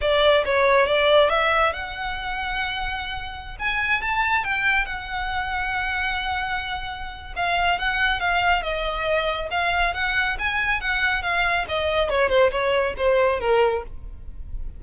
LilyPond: \new Staff \with { instrumentName = "violin" } { \time 4/4 \tempo 4 = 139 d''4 cis''4 d''4 e''4 | fis''1~ | fis''16 gis''4 a''4 g''4 fis''8.~ | fis''1~ |
fis''4 f''4 fis''4 f''4 | dis''2 f''4 fis''4 | gis''4 fis''4 f''4 dis''4 | cis''8 c''8 cis''4 c''4 ais'4 | }